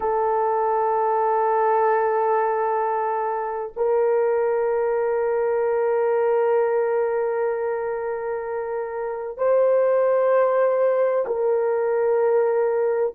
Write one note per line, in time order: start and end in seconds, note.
0.00 3.72 A4
3.76 9.37 A#4
9.37 11.25 C5
11.27 13.14 A#4